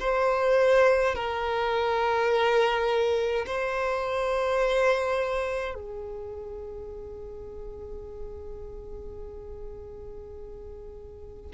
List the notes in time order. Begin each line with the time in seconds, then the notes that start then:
0.00 C5
1.15 A#4
3.46 C5
5.75 G#4